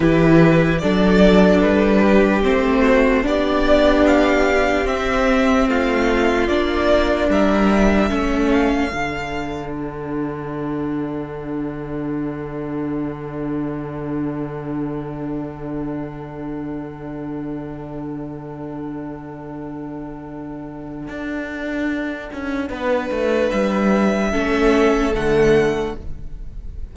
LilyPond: <<
  \new Staff \with { instrumentName = "violin" } { \time 4/4 \tempo 4 = 74 b'4 d''4 b'4 c''4 | d''4 f''4 e''4 f''4 | d''4 e''4. f''4. | fis''1~ |
fis''1~ | fis''1~ | fis''1~ | fis''4 e''2 fis''4 | }
  \new Staff \with { instrumentName = "violin" } { \time 4/4 g'4 a'4. g'4 fis'8 | g'2. f'4~ | f'4 ais'4 a'2~ | a'1~ |
a'1~ | a'1~ | a'1 | b'2 a'2 | }
  \new Staff \with { instrumentName = "viola" } { \time 4/4 e'4 d'2 c'4 | d'2 c'2 | d'2 cis'4 d'4~ | d'1~ |
d'1~ | d'1~ | d'1~ | d'2 cis'4 a4 | }
  \new Staff \with { instrumentName = "cello" } { \time 4/4 e4 fis4 g4 a4 | b2 c'4 a4 | ais4 g4 a4 d4~ | d1~ |
d1~ | d1~ | d2 d'4. cis'8 | b8 a8 g4 a4 d4 | }
>>